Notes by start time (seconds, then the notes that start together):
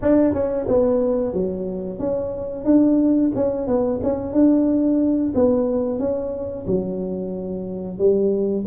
0.02 D4
0.33 C#4
0.68 B3
1.33 F#3
1.99 C#4
2.65 D4
3.35 C#4
3.67 B3
4.03 C#4
4.32 D4
5.35 B3
5.99 C#4
6.66 F#3
7.98 G3